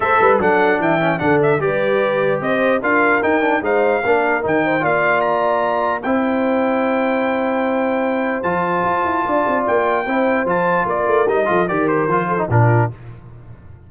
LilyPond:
<<
  \new Staff \with { instrumentName = "trumpet" } { \time 4/4 \tempo 4 = 149 e''4 fis''4 g''4 fis''8 e''8 | d''2 dis''4 f''4 | g''4 f''2 g''4 | f''4 ais''2 g''4~ |
g''1~ | g''4 a''2. | g''2 a''4 d''4 | dis''4 d''8 c''4. ais'4 | }
  \new Staff \with { instrumentName = "horn" } { \time 4/4 c''8 b'8 a'4 e''4 a'4 | b'2 c''4 ais'4~ | ais'4 c''4 ais'4. c''8 | d''2. c''4~ |
c''1~ | c''2. d''4~ | d''4 c''2 ais'4~ | ais'8 a'8 ais'4. a'8 f'4 | }
  \new Staff \with { instrumentName = "trombone" } { \time 4/4 a'4 d'4. cis'8 d'4 | g'2. f'4 | dis'8 d'8 dis'4 d'4 dis'4 | f'2. e'4~ |
e'1~ | e'4 f'2.~ | f'4 e'4 f'2 | dis'8 f'8 g'4 f'8. dis'16 d'4 | }
  \new Staff \with { instrumentName = "tuba" } { \time 4/4 a8 g8 fis4 e4 d4 | g2 c'4 d'4 | dis'4 gis4 ais4 dis4 | ais2. c'4~ |
c'1~ | c'4 f4 f'8 e'8 d'8 c'8 | ais4 c'4 f4 ais8 a8 | g8 f8 dis4 f4 ais,4 | }
>>